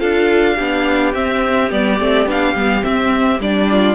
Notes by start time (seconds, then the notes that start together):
0.00 D4 F4 A4 F5
0.56 B3 D4 G4
1.14 C4 E5
1.71 G3 B3 D5
2.00 A3 C4
2.26 B3 D4 F5
2.55 G3 B3
2.82 C4 E5
3.40 G3 D4 D5
3.71 F4